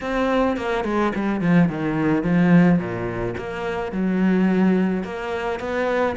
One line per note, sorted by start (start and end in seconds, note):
0.01 0.56 C4
0.56 0.84 A#3
0.84 1.12 G#3
1.15 1.40 G3
1.40 1.68 F3
1.68 2.23 D#3
2.23 2.79 F3
2.79 3.35 A#2
3.37 3.92 A#3
3.92 5.03 F#3
5.03 5.59 A#3
5.59 6.15 B3